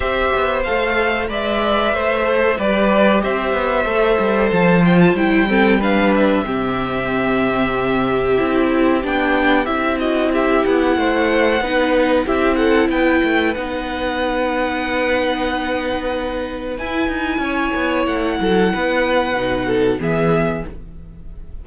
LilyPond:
<<
  \new Staff \with { instrumentName = "violin" } { \time 4/4 \tempo 4 = 93 e''4 f''4 e''2 | d''4 e''2 a''8 g''16 a''16 | g''4 f''8 e''2~ e''8~ | e''2 g''4 e''8 dis''8 |
e''8 fis''2~ fis''8 e''8 fis''8 | g''4 fis''2.~ | fis''2 gis''2 | fis''2. e''4 | }
  \new Staff \with { instrumentName = "violin" } { \time 4/4 c''2 d''4 c''4 | b'4 c''2.~ | c''8 a'8 b'4 g'2~ | g'2.~ g'8 fis'8 |
g'4 c''4 b'4 g'8 a'8 | b'1~ | b'2. cis''4~ | cis''8 a'8 b'4. a'8 gis'4 | }
  \new Staff \with { instrumentName = "viola" } { \time 4/4 g'4 a'4 b'4. a'8 | g'2 a'4. f'8 | e'8 c'8 d'4 c'2~ | c'4 e'4 d'4 e'4~ |
e'2 dis'4 e'4~ | e'4 dis'2.~ | dis'2 e'2~ | e'2 dis'4 b4 | }
  \new Staff \with { instrumentName = "cello" } { \time 4/4 c'8 b8 a4 gis4 a4 | g4 c'8 b8 a8 g8 f4 | g2 c2~ | c4 c'4 b4 c'4~ |
c'8 b8 a4 b4 c'4 | b8 a8 b2.~ | b2 e'8 dis'8 cis'8 b8 | a8 fis8 b4 b,4 e4 | }
>>